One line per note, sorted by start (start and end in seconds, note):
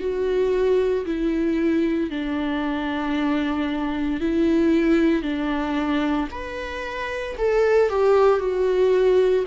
0.00 1.05 F#4
1.06 2.11 E4
2.11 4.21 D4
4.21 5.23 E4
5.23 6.28 D4
6.31 7.36 B4
7.38 7.89 A4
7.89 8.40 G4
8.40 9.45 F#4